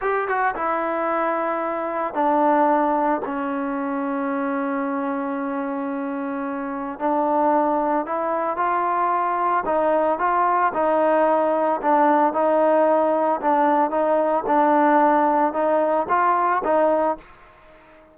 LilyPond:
\new Staff \with { instrumentName = "trombone" } { \time 4/4 \tempo 4 = 112 g'8 fis'8 e'2. | d'2 cis'2~ | cis'1~ | cis'4 d'2 e'4 |
f'2 dis'4 f'4 | dis'2 d'4 dis'4~ | dis'4 d'4 dis'4 d'4~ | d'4 dis'4 f'4 dis'4 | }